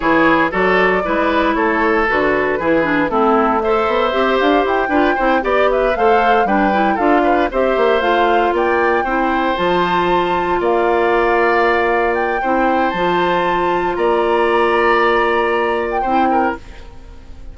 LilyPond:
<<
  \new Staff \with { instrumentName = "flute" } { \time 4/4 \tempo 4 = 116 cis''4 d''2 cis''4 | b'2 a'4 e''4~ | e''8 f''8 g''4. d''8 e''8 f''8~ | f''8 g''4 f''4 e''4 f''8~ |
f''8 g''2 a''4.~ | a''8 f''2. g''8~ | g''4 a''2 ais''4~ | ais''2~ ais''8. g''4~ g''16 | }
  \new Staff \with { instrumentName = "oboe" } { \time 4/4 gis'4 a'4 b'4 a'4~ | a'4 gis'4 e'4 c''4~ | c''4. b'8 c''8 d''8 b'8 c''8~ | c''8 b'4 a'8 b'8 c''4.~ |
c''8 d''4 c''2~ c''8~ | c''8 d''2.~ d''8 | c''2. d''4~ | d''2. c''8 ais'8 | }
  \new Staff \with { instrumentName = "clarinet" } { \time 4/4 e'4 fis'4 e'2 | fis'4 e'8 d'8 c'4 a'4 | g'4. f'8 e'8 g'4 a'8~ | a'8 d'8 e'8 f'4 g'4 f'8~ |
f'4. e'4 f'4.~ | f'1 | e'4 f'2.~ | f'2. e'4 | }
  \new Staff \with { instrumentName = "bassoon" } { \time 4/4 e4 fis4 gis4 a4 | d4 e4 a4. b8 | c'8 d'8 e'8 d'8 c'8 b4 a8~ | a8 g4 d'4 c'8 ais8 a8~ |
a8 ais4 c'4 f4.~ | f8 ais2.~ ais8 | c'4 f2 ais4~ | ais2. c'4 | }
>>